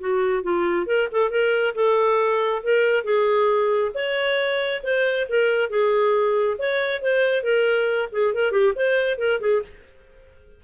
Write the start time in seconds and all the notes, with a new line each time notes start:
0.00 F#4
0.43 F4
0.86 A#4
1.11 A4
1.30 A#4
1.74 A4
2.63 A#4
3.04 G#4
3.94 C#5
4.83 C5
5.28 A#4
5.69 G#4
6.58 C#5
7.02 C5
7.43 A#4
8.12 G#4
8.34 A#4
8.51 G4
8.75 C5
9.18 A#4
9.40 G#4